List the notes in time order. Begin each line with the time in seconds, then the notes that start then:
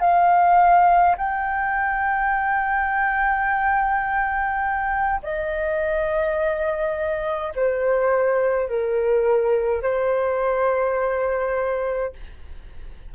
0.00 F5
1.17 G5
5.22 D#5
7.55 C5
8.69 A#4
9.82 C5